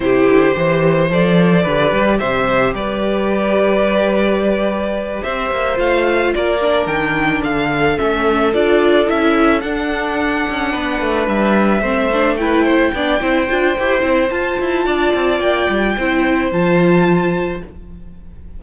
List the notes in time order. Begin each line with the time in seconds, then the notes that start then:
0.00 C3 E4 G4 C5
0.28 D3
0.53 E3 G4 C5
1.10 F3 A4 D5
1.62 D3 G4 B4
1.92 G3
2.18 C3 C5 E5
2.73 G3 B4 D5
5.23 C4 C5 E5
5.50 A#3
5.74 A3 F4 F5
6.34 A#3 A#4 D5
6.61 D4
6.86 D#3 G5
7.43 D3 A4 F5
7.97 A3 C#4 E5
8.53 D4 F4 D5
9.06 C#4 E4 E5
9.60 D4 F#5
10.49 C#4
10.71 B3 B4
11.00 A3
11.27 G3 E5
11.81 A3 C4 C5
12.13 D4
12.36 E4 B4 G5
12.64 C5
12.93 B3 D4 D5
13.20 C4 E4 C5
13.48 D4 F4
13.78 E4 G4
14.00 C4 E4
14.30 F4 A5
14.60 E4
14.85 D4 D5
15.13 C4
15.39 A#3 G5
15.69 G3
15.96 C4 E4 C5
16.51 F3 F4 A5